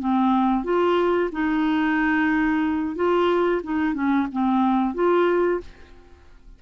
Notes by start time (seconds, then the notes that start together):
0.00 C4
0.64 F4
1.32 D#4
2.96 F4
3.64 D#4
3.94 C#4
4.32 C4
4.95 F4